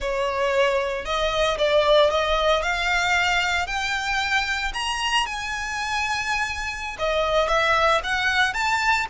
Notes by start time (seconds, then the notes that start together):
0.00 C#5
1.05 D#5
1.58 D5
2.10 D#5
2.62 F5
3.67 G5
4.73 A#5
5.25 G#5
6.98 D#5
7.48 E5
8.03 F#5
8.53 A5